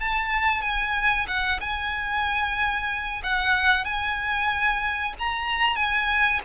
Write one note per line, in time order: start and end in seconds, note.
0.00 0.62 A5
0.62 1.26 G#5
1.28 1.60 F#5
1.61 3.22 G#5
3.23 3.85 F#5
3.85 5.14 G#5
5.19 5.76 A#5
5.76 6.41 G#5